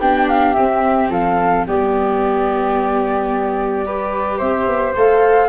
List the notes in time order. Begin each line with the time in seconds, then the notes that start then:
0.00 B3 D4 G4 G5
0.29 F5
0.53 C4 E5
1.09 F3 A4 F5
1.66 G3 B3 G4 D5
3.85 G4 B4
4.37 C4 C5 E5
4.67 B3
4.95 A3 A4 F5